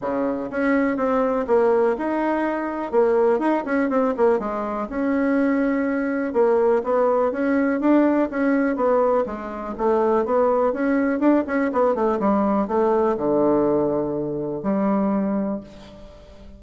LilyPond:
\new Staff \with { instrumentName = "bassoon" } { \time 4/4 \tempo 4 = 123 cis4 cis'4 c'4 ais4 | dis'2 ais4 dis'8 cis'8 | c'8 ais8 gis4 cis'2~ | cis'4 ais4 b4 cis'4 |
d'4 cis'4 b4 gis4 | a4 b4 cis'4 d'8 cis'8 | b8 a8 g4 a4 d4~ | d2 g2 | }